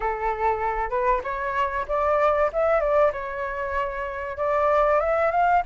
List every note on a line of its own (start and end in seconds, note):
0.00 0.90 A4
0.90 1.21 B4
1.23 1.86 C#5
1.88 2.50 D5
2.52 2.80 E5
2.80 3.11 D5
3.12 4.37 C#5
4.37 4.99 D5
5.00 5.31 E5
5.31 5.62 F5